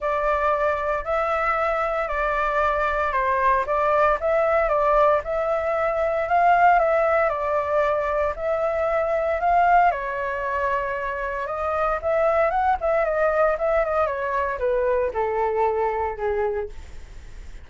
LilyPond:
\new Staff \with { instrumentName = "flute" } { \time 4/4 \tempo 4 = 115 d''2 e''2 | d''2 c''4 d''4 | e''4 d''4 e''2 | f''4 e''4 d''2 |
e''2 f''4 cis''4~ | cis''2 dis''4 e''4 | fis''8 e''8 dis''4 e''8 dis''8 cis''4 | b'4 a'2 gis'4 | }